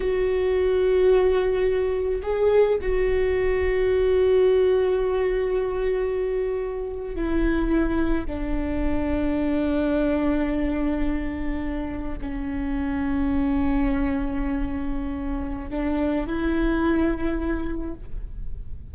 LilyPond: \new Staff \with { instrumentName = "viola" } { \time 4/4 \tempo 4 = 107 fis'1 | gis'4 fis'2.~ | fis'1~ | fis'8. e'2 d'4~ d'16~ |
d'1~ | d'4.~ d'16 cis'2~ cis'16~ | cis'1 | d'4 e'2. | }